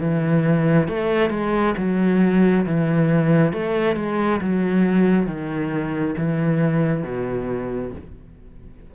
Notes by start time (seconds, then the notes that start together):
0.00 E3
0.88 A3
1.30 G#3
1.77 F#3
2.66 E3
3.53 A3
3.96 G#3
4.41 F#3
5.26 D#3
6.17 E3
7.03 B2